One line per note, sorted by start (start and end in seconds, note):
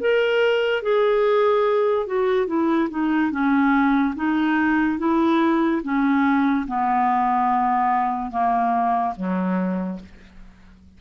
0.00 0.82 A#4
0.82 2.06 G#4
2.06 2.47 F#4
2.47 2.88 E4
2.90 3.31 D#4
3.31 4.14 C#4
4.16 4.98 D#4
4.98 5.82 E4
5.83 6.66 C#4
6.67 8.31 B3
8.31 9.14 A#3
9.16 9.99 F#3